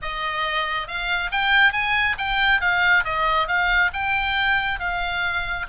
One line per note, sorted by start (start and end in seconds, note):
0.01 0.87 D#5
0.87 1.30 F5
1.31 1.72 G5
1.72 2.15 G#5
2.17 2.60 G5
2.60 3.04 F5
3.04 3.47 D#5
3.47 3.91 F5
3.93 4.79 G5
4.79 5.66 F5